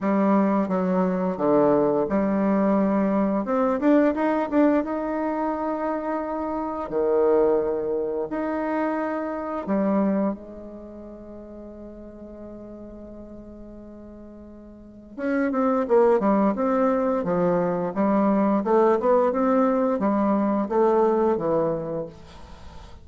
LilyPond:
\new Staff \with { instrumentName = "bassoon" } { \time 4/4 \tempo 4 = 87 g4 fis4 d4 g4~ | g4 c'8 d'8 dis'8 d'8 dis'4~ | dis'2 dis2 | dis'2 g4 gis4~ |
gis1~ | gis2 cis'8 c'8 ais8 g8 | c'4 f4 g4 a8 b8 | c'4 g4 a4 e4 | }